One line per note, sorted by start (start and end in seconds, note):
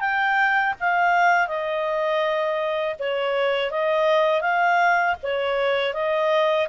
0.00 0.74 G5
0.80 1.48 F5
1.48 2.96 D#5
2.99 3.71 C#5
3.71 4.41 D#5
4.41 5.15 F5
5.23 5.94 C#5
5.94 6.68 D#5